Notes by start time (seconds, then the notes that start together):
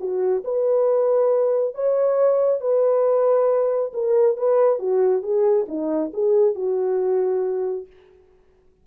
0.00 F#4
0.44 B4
1.75 C#5
2.61 B4
3.94 A#4
4.37 B4
4.79 F#4
5.23 G#4
5.68 D#4
6.14 G#4
6.55 F#4